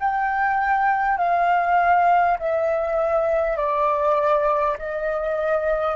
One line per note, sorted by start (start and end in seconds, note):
0.00 1.18 G5
1.18 2.38 F5
2.40 3.57 E5
3.57 4.77 D5
4.79 5.96 D#5